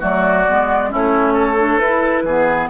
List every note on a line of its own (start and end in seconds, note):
0.00 0.47 F#3
0.00 0.45 A3
0.00 0.90 F#4
0.00 0.93 D5
0.49 0.94 G#3
0.49 0.90 B3
0.90 1.79 A3
0.90 1.57 C#4
0.90 1.34 E4
0.90 1.79 C#5
1.34 2.23 A4
1.58 1.80 D4
1.79 2.23 E4
1.79 2.27 E4
1.79 2.68 B4
2.23 2.68 E3
2.23 2.70 B3
2.23 2.70 G#4